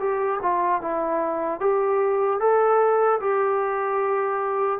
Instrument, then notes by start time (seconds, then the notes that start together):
trombone
0.00 G4
0.42 F4
0.81 E4
1.60 G4
2.40 A4
3.21 G4